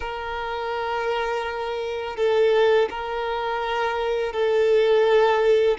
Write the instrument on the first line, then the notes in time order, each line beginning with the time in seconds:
violin
0.00 A#4
2.16 A4
2.90 A#4
4.32 A4